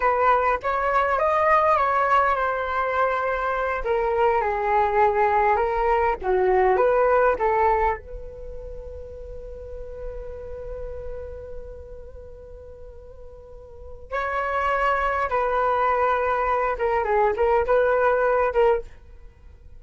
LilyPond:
\new Staff \with { instrumentName = "flute" } { \time 4/4 \tempo 4 = 102 b'4 cis''4 dis''4 cis''4 | c''2~ c''8 ais'4 gis'8~ | gis'4. ais'4 fis'4 b'8~ | b'8 a'4 b'2~ b'8~ |
b'1~ | b'1 | cis''2 b'2~ | b'8 ais'8 gis'8 ais'8 b'4. ais'8 | }